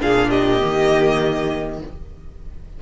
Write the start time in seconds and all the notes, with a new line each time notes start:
0.00 A#2 D4 G#4 F5
0.29 G4 D#5
0.60 D#3 A#3